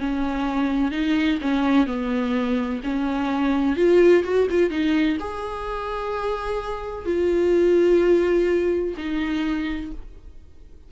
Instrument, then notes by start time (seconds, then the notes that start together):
viola
0.00 C#4
0.91 D#4
1.41 C#4
1.87 B3
2.83 C#4
3.76 F4
4.24 F#4
4.50 F4
4.70 D#4
5.20 G#4
7.06 F4
8.97 D#4